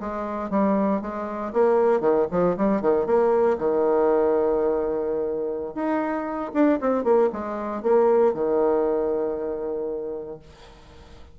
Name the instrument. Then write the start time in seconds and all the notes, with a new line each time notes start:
bassoon
0.00 G#3
0.50 G3
1.01 G#3
1.53 A#3
2.01 D#3
2.31 F3
2.57 G3
2.81 D#3
3.06 A#3
3.58 D#3
5.74 D#4
6.54 D4
6.80 C4
7.04 A#3
7.32 G#3
7.83 A#3
8.34 D#3